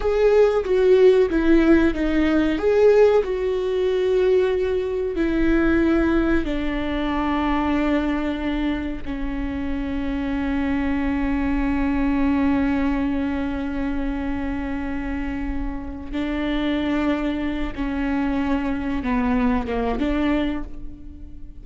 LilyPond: \new Staff \with { instrumentName = "viola" } { \time 4/4 \tempo 4 = 93 gis'4 fis'4 e'4 dis'4 | gis'4 fis'2. | e'2 d'2~ | d'2 cis'2~ |
cis'1~ | cis'1~ | cis'4 d'2~ d'8 cis'8~ | cis'4. b4 ais8 d'4 | }